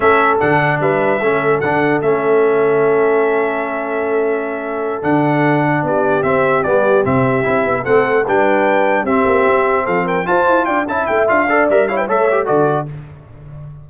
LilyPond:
<<
  \new Staff \with { instrumentName = "trumpet" } { \time 4/4 \tempo 4 = 149 e''4 fis''4 e''2 | fis''4 e''2.~ | e''1~ | e''8 fis''2 d''4 e''8~ |
e''8 d''4 e''2 fis''8~ | fis''8 g''2 e''4.~ | e''8 f''8 g''8 a''4 g''8 a''8 g''8 | f''4 e''8 f''16 g''16 e''4 d''4 | }
  \new Staff \with { instrumentName = "horn" } { \time 4/4 a'2 b'4 a'4~ | a'1~ | a'1~ | a'2~ a'8 g'4.~ |
g'2.~ g'8 a'8~ | a'8 b'2 g'4.~ | g'8 a'8 ais'8 c''4 d''8 e''4~ | e''8 d''4 cis''16 b'16 cis''4 a'4 | }
  \new Staff \with { instrumentName = "trombone" } { \time 4/4 cis'4 d'2 cis'4 | d'4 cis'2.~ | cis'1~ | cis'8 d'2. c'8~ |
c'8 b4 c'4 e'4 c'8~ | c'8 d'2 c'4.~ | c'4. f'4. e'4 | f'8 a'8 ais'8 e'8 a'8 g'8 fis'4 | }
  \new Staff \with { instrumentName = "tuba" } { \time 4/4 a4 d4 g4 a4 | d4 a2.~ | a1~ | a8 d2 b4 c'8~ |
c'8 g4 c4 c'8 b8 a8~ | a8 g2 c'8 ais8 c'8~ | c'8 f4 f'8 e'8 d'8 cis'8 a8 | d'4 g4 a4 d4 | }
>>